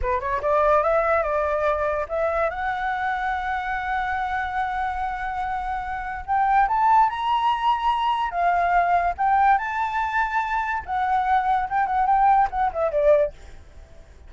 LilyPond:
\new Staff \with { instrumentName = "flute" } { \time 4/4 \tempo 4 = 144 b'8 cis''8 d''4 e''4 d''4~ | d''4 e''4 fis''2~ | fis''1~ | fis''2. g''4 |
a''4 ais''2. | f''2 g''4 a''4~ | a''2 fis''2 | g''8 fis''8 g''4 fis''8 e''8 d''4 | }